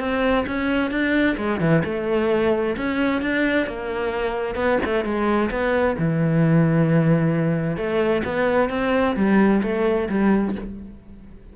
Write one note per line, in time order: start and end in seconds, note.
0.00 0.46 C4
0.47 0.91 C#4
0.91 1.37 D4
1.38 1.61 G#3
1.61 1.83 E3
1.85 2.76 A3
2.77 3.22 C#4
3.22 3.67 D4
3.67 4.56 A#3
4.56 4.79 B3
4.85 5.05 A3
5.05 5.51 G#3
5.51 5.97 B3
5.99 7.77 E3
7.77 8.23 A3
8.25 8.70 B3
8.70 9.16 C4
9.17 9.62 G3
9.63 10.09 A3
10.10 10.56 G3